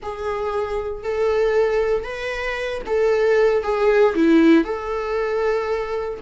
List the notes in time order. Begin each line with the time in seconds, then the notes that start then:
0.02 G#4
1.03 A4
2.04 B4
2.86 A4
3.63 G#4
4.15 E4
4.64 A4